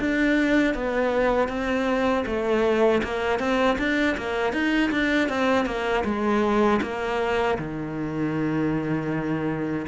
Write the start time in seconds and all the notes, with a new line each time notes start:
0.00 D4
0.75 B3
1.48 C4
2.26 A3
3.04 A#3
3.40 C4
3.79 D4
4.17 A#3
4.53 D#4
4.92 D4
5.29 C4
5.66 A#3
6.05 G#3
6.83 A#3
7.59 D#3